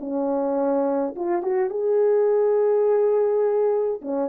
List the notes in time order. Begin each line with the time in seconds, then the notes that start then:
0.00 C#4
1.16 F4
1.43 F#4
1.70 G#4
4.02 C#4